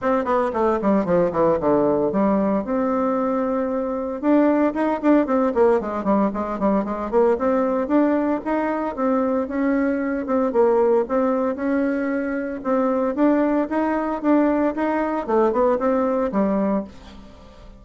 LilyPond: \new Staff \with { instrumentName = "bassoon" } { \time 4/4 \tempo 4 = 114 c'8 b8 a8 g8 f8 e8 d4 | g4 c'2. | d'4 dis'8 d'8 c'8 ais8 gis8 g8 | gis8 g8 gis8 ais8 c'4 d'4 |
dis'4 c'4 cis'4. c'8 | ais4 c'4 cis'2 | c'4 d'4 dis'4 d'4 | dis'4 a8 b8 c'4 g4 | }